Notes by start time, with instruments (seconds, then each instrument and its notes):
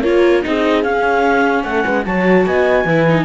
0.00 cello A#3, viola F4, horn A#4, clarinet C#5
0.42 cello C4, viola D#4, horn G#4, clarinet D#5
0.83 viola C#4, cello C#4, clarinet F5
1.63 cello A3, horn A4, clarinet F#5
1.84 cello G#3, horn B4
2.05 cello F#3, viola F#4, horn C#5, clarinet A5
2.46 cello B3, horn D#5, clarinet G#5
2.84 cello E3, viola E4, horn B4
3.08 viola D#4